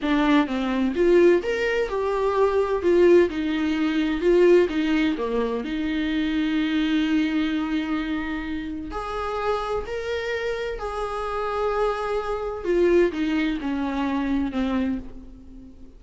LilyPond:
\new Staff \with { instrumentName = "viola" } { \time 4/4 \tempo 4 = 128 d'4 c'4 f'4 ais'4 | g'2 f'4 dis'4~ | dis'4 f'4 dis'4 ais4 | dis'1~ |
dis'2. gis'4~ | gis'4 ais'2 gis'4~ | gis'2. f'4 | dis'4 cis'2 c'4 | }